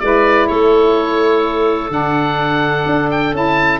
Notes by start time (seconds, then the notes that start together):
0.00 G#3 E4 B4 D5
0.48 A3 A4 C#5
1.89 D3 D4 F#5
2.86 D4
3.11 G5
3.33 C#4 E4 A5